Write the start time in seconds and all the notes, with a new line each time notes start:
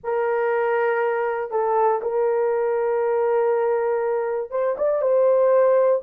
0.03 A#4
1.50 A4
2.01 A#4
4.50 C5
4.77 D5
5.01 C5